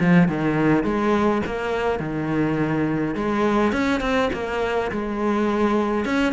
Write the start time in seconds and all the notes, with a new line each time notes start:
0.00 F3
0.29 D#3
0.84 G#3
1.46 A#3
2.00 D#3
3.15 G#3
3.72 C#4
4.01 C4
4.33 A#3
4.92 G#3
6.05 C#4